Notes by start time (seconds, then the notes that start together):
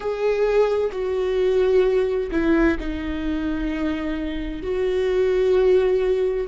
0.00 G#4
0.91 F#4
2.31 E4
2.79 D#4
4.62 F#4